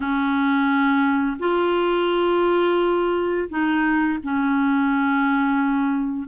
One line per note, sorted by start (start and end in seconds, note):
0.00 1.37 C#4
1.39 3.48 F4
3.49 4.19 D#4
4.23 6.28 C#4